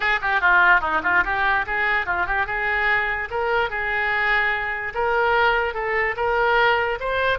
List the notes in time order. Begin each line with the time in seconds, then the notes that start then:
0.00 G#4
0.21 G4
0.40 F4
0.81 D#4
1.03 F4
1.24 G4
1.66 G#4
2.05 F4
2.26 G4
2.46 G#4
3.30 A#4
3.70 G#4
4.94 A#4
5.74 A4
6.16 A#4
7.00 C5